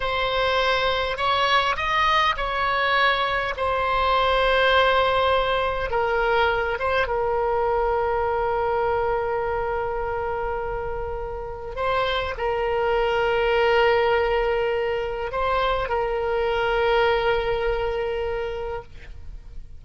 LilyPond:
\new Staff \with { instrumentName = "oboe" } { \time 4/4 \tempo 4 = 102 c''2 cis''4 dis''4 | cis''2 c''2~ | c''2 ais'4. c''8 | ais'1~ |
ais'1 | c''4 ais'2.~ | ais'2 c''4 ais'4~ | ais'1 | }